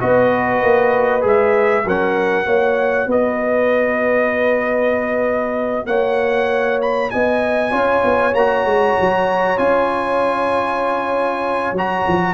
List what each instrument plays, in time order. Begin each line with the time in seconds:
0.00 tuba B3, trombone F#4, horn B4, trumpet D#5
0.63 tuba A#3
1.22 tuba G#3, trombone G#4, trumpet E5
1.85 tuba F#3, trombone C#4, horn A#4, trumpet F#5
2.45 tuba A#3, trombone F#4, horn C#5
3.07 tuba B3, horn B4, trumpet D#5
5.87 tuba A#3, horn C#5, trumpet F#5
6.82 trumpet B5
7.11 tuba B3, horn D#5, trumpet G#5
7.71 tuba C#4, trombone F4, horn C#5
8.05 tuba B3
8.35 tuba A#3, trombone F#4, trumpet A#5
8.65 tuba G#3
9.01 tuba F#3
9.58 tuba C#4, trombone F4, trumpet G#5
11.73 tuba F#3, trombone F#4, trumpet A#5
12.08 tuba F3